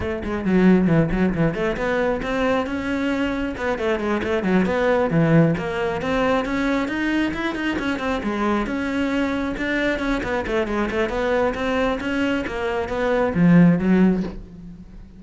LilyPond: \new Staff \with { instrumentName = "cello" } { \time 4/4 \tempo 4 = 135 a8 gis8 fis4 e8 fis8 e8 a8 | b4 c'4 cis'2 | b8 a8 gis8 a8 fis8 b4 e8~ | e8 ais4 c'4 cis'4 dis'8~ |
dis'8 e'8 dis'8 cis'8 c'8 gis4 cis'8~ | cis'4. d'4 cis'8 b8 a8 | gis8 a8 b4 c'4 cis'4 | ais4 b4 f4 fis4 | }